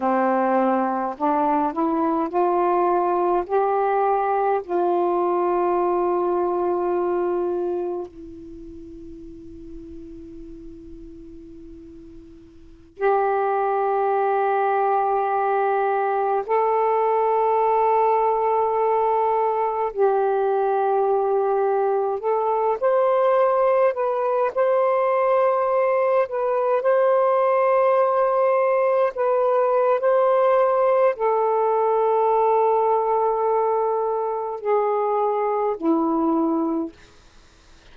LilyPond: \new Staff \with { instrumentName = "saxophone" } { \time 4/4 \tempo 4 = 52 c'4 d'8 e'8 f'4 g'4 | f'2. e'4~ | e'2.~ e'16 g'8.~ | g'2~ g'16 a'4.~ a'16~ |
a'4~ a'16 g'2 a'8 c''16~ | c''8. b'8 c''4. b'8 c''8.~ | c''4~ c''16 b'8. c''4 a'4~ | a'2 gis'4 e'4 | }